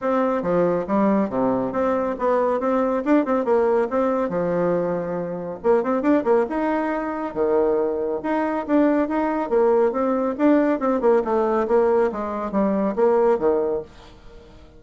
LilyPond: \new Staff \with { instrumentName = "bassoon" } { \time 4/4 \tempo 4 = 139 c'4 f4 g4 c4 | c'4 b4 c'4 d'8 c'8 | ais4 c'4 f2~ | f4 ais8 c'8 d'8 ais8 dis'4~ |
dis'4 dis2 dis'4 | d'4 dis'4 ais4 c'4 | d'4 c'8 ais8 a4 ais4 | gis4 g4 ais4 dis4 | }